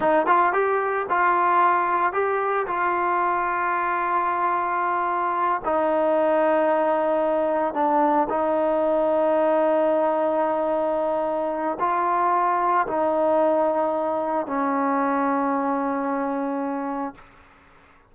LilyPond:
\new Staff \with { instrumentName = "trombone" } { \time 4/4 \tempo 4 = 112 dis'8 f'8 g'4 f'2 | g'4 f'2.~ | f'2~ f'8 dis'4.~ | dis'2~ dis'8 d'4 dis'8~ |
dis'1~ | dis'2 f'2 | dis'2. cis'4~ | cis'1 | }